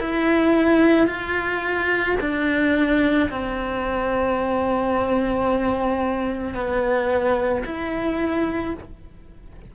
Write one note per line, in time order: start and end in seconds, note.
0.00 1.07 E4
1.07 2.16 F4
2.21 3.30 D4
3.30 6.55 C4
6.55 7.64 B3
7.65 8.74 E4